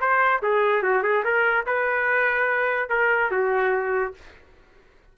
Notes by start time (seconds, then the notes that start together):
0.00 C5
0.42 G#4
0.83 F#4
1.03 G#4
1.24 A#4
1.66 B4
2.89 A#4
3.31 F#4